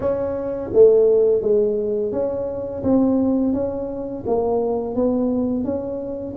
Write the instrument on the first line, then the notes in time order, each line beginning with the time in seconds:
tuba
0.00 C#4
0.73 A3
1.41 G#3
2.12 C#4
2.83 C4
3.53 C#4
4.26 A#3
4.95 B3
5.64 C#4